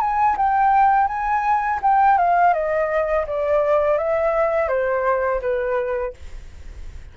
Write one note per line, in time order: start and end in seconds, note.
0.00 0.36 G#5
0.37 1.07 G5
1.07 1.79 G#5
1.82 2.18 G5
2.18 2.53 F5
2.53 3.26 D#5
3.27 3.98 D5
3.98 4.68 E5
4.68 5.40 C5
5.41 6.13 B4